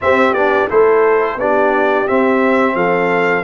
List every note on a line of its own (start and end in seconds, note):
0.01 0.35 C4
0.01 0.33 C4
0.01 0.70 G4
0.01 0.33 E5
0.33 0.67 B3
0.33 0.69 D4
0.33 0.68 D5
0.69 1.35 A3
0.69 1.38 E4
0.69 1.39 A4
0.69 1.39 C5
1.35 2.04 B3
1.35 2.07 D4
1.35 2.75 G4
1.35 2.07 D5
2.07 3.44 C4
2.07 2.74 C4
2.07 2.76 E5
2.74 3.43 F3
2.74 3.44 A4
2.74 3.44 F5